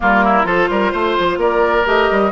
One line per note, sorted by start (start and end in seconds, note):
0.00 0.44 G3
0.00 0.43 A#3
0.00 0.24 F4
0.00 0.47 A#4
0.24 0.46 E4
0.43 0.68 F3
0.43 1.83 F4
0.43 0.69 A4
0.43 1.40 C5
0.69 0.92 G3
0.69 0.92 A#4
0.92 1.17 A3
0.92 1.38 C5
1.19 1.37 F3
1.37 1.83 A#3
1.37 2.31 A#4
1.37 1.87 D5
1.85 2.09 A3
1.85 2.31 G4
1.85 2.31 D#5
2.10 2.31 G3